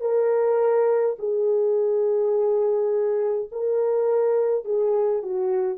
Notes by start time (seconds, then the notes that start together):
0.00 A#4
1.19 G#4
3.51 A#4
4.65 G#4
5.22 F#4